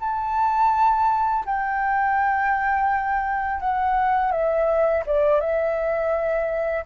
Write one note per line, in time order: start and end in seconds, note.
0.00 1.45 A5
1.45 3.60 G5
3.60 4.31 F#5
4.31 5.03 E5
5.06 5.41 D5
5.41 6.85 E5